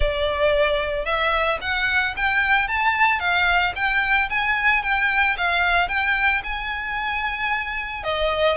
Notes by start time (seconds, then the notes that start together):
0.00 D5
1.05 E5
1.61 F#5
2.16 G5
2.67 A5
3.19 F5
3.75 G5
4.29 G#5
4.83 G5
5.37 F5
5.88 G5
6.43 G#5
8.03 D#5